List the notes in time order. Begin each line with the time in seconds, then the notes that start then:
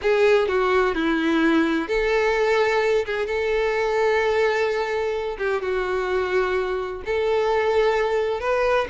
0.02 G#4
0.48 F#4
0.94 E4
1.88 A4
3.05 G#4
3.26 A4
5.38 G4
5.61 F#4
7.05 A4
8.40 B4